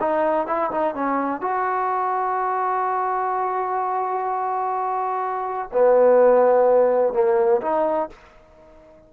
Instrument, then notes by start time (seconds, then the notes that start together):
trombone
0.00 D#4
0.47 E4
0.71 D#4
0.95 C#4
1.41 F#4
5.73 B3
7.14 A#3
7.62 D#4